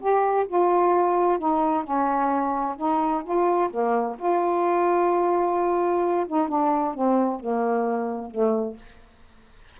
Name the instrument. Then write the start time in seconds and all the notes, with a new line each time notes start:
saxophone
0.00 G4
0.48 F4
1.38 D#4
1.84 C#4
2.77 D#4
3.23 F4
3.70 A#3
4.18 F4
6.27 D#4
6.48 D4
6.94 C4
7.40 A#3
8.31 A3